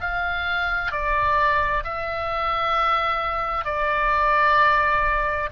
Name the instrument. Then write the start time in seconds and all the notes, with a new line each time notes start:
oboe
0.00 F5
0.91 D5
1.84 E5
3.65 D5